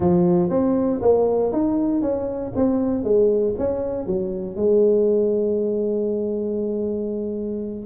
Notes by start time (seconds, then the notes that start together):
0.00 F3
0.49 C4
1.01 A#3
1.52 D#4
2.01 C#4
2.55 C4
3.03 G#3
3.58 C#4
4.06 F#3
4.55 G#3